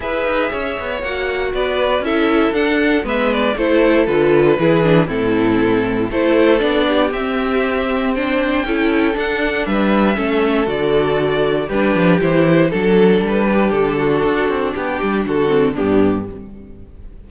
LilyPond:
<<
  \new Staff \with { instrumentName = "violin" } { \time 4/4 \tempo 4 = 118 e''2 fis''4 d''4 | e''4 fis''4 e''8 d''8 c''4 | b'2 a'2 | c''4 d''4 e''2 |
g''2 fis''4 e''4~ | e''4 d''2 b'4 | c''4 a'4 b'4 a'4~ | a'4 g'4 a'4 g'4 | }
  \new Staff \with { instrumentName = "violin" } { \time 4/4 b'4 cis''2 b'4 | a'2 b'4 a'4~ | a'4 gis'4 e'2 | a'4. g'2~ g'8 |
c''4 a'2 b'4 | a'2. g'4~ | g'4 a'4. g'4 fis'8~ | fis'4 g'4 fis'4 d'4 | }
  \new Staff \with { instrumentName = "viola" } { \time 4/4 gis'2 fis'2 | e'4 d'4 b4 e'4 | f'4 e'8 d'8 c'2 | e'4 d'4 c'2 |
d'4 e'4 d'2 | cis'4 fis'2 d'4 | e'4 d'2.~ | d'2~ d'8 c'8 b4 | }
  \new Staff \with { instrumentName = "cello" } { \time 4/4 e'8 dis'8 cis'8 b8 ais4 b4 | cis'4 d'4 gis4 a4 | d4 e4 a,2 | a4 b4 c'2~ |
c'4 cis'4 d'4 g4 | a4 d2 g8 f8 | e4 fis4 g4 d4 | d'8 c'8 b8 g8 d4 g,4 | }
>>